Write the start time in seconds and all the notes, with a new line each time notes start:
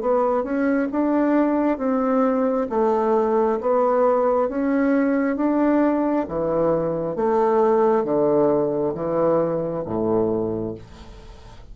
0.00 B3
0.43 C#4
0.91 D4
1.77 C4
2.69 A3
3.60 B3
4.48 C#4
5.36 D4
6.28 E3
7.15 A3
8.04 D3
8.94 E3
9.85 A2